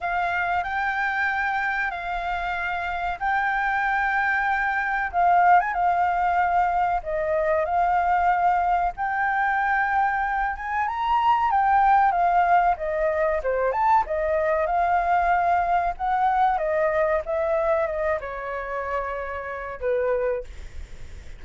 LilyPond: \new Staff \with { instrumentName = "flute" } { \time 4/4 \tempo 4 = 94 f''4 g''2 f''4~ | f''4 g''2. | f''8. gis''16 f''2 dis''4 | f''2 g''2~ |
g''8 gis''8 ais''4 g''4 f''4 | dis''4 c''8 a''8 dis''4 f''4~ | f''4 fis''4 dis''4 e''4 | dis''8 cis''2~ cis''8 b'4 | }